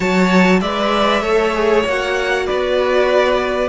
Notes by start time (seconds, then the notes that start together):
0.00 F#3 F#4 C#5 A5
0.60 G#3 B4 D5 E5
1.22 A3 A4 C#5
1.53 G#4
1.85 A#3 F#4 F#5
2.45 B3 B4 D5